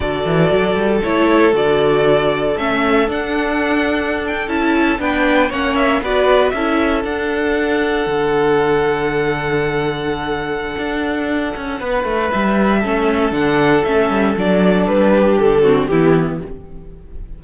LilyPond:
<<
  \new Staff \with { instrumentName = "violin" } { \time 4/4 \tempo 4 = 117 d''2 cis''4 d''4~ | d''4 e''4 fis''2~ | fis''16 g''8 a''4 g''4 fis''8 e''8 d''16~ | d''8. e''4 fis''2~ fis''16~ |
fis''1~ | fis''1 | e''2 fis''4 e''4 | d''4 b'4 a'4 g'4 | }
  \new Staff \with { instrumentName = "violin" } { \time 4/4 a'1~ | a'1~ | a'4.~ a'16 b'4 cis''4 b'16~ | b'8. a'2.~ a'16~ |
a'1~ | a'2. b'4~ | b'4 a'2.~ | a'4. g'4 fis'8 e'4 | }
  \new Staff \with { instrumentName = "viola" } { \time 4/4 fis'2 e'4 fis'4~ | fis'4 cis'4 d'2~ | d'8. e'4 d'4 cis'4 fis'16~ | fis'8. e'4 d'2~ d'16~ |
d'1~ | d'1~ | d'4 cis'4 d'4 cis'4 | d'2~ d'8 c'8 b4 | }
  \new Staff \with { instrumentName = "cello" } { \time 4/4 d8 e8 fis8 g8 a4 d4~ | d4 a4 d'2~ | d'8. cis'4 b4 ais4 b16~ | b8. cis'4 d'2 d16~ |
d1~ | d4 d'4. cis'8 b8 a8 | g4 a4 d4 a8 g8 | fis4 g4 d4 e4 | }
>>